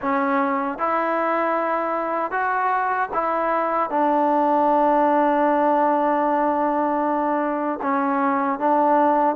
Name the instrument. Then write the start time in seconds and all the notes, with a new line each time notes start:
trombone
0.01 C#4
0.78 E4
2.31 F#4
3.13 E4
3.90 D4
7.81 C#4
8.59 D4